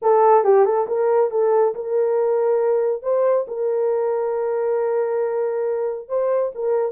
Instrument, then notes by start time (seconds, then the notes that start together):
horn
0.01 A4
0.44 G4
0.65 A4
0.87 A#4
1.30 A4
1.74 A#4
3.02 C5
3.47 A#4
6.08 C5
6.54 A#4